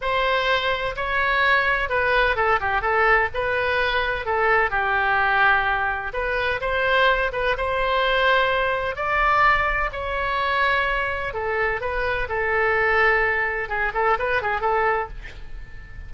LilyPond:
\new Staff \with { instrumentName = "oboe" } { \time 4/4 \tempo 4 = 127 c''2 cis''2 | b'4 a'8 g'8 a'4 b'4~ | b'4 a'4 g'2~ | g'4 b'4 c''4. b'8 |
c''2. d''4~ | d''4 cis''2. | a'4 b'4 a'2~ | a'4 gis'8 a'8 b'8 gis'8 a'4 | }